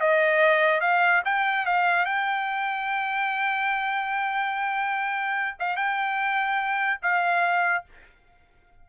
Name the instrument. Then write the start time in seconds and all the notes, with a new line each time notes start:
trumpet
0.00 D#5
0.81 F5
1.25 G5
1.66 F5
2.05 G5
5.59 F5
5.76 G5
7.02 F5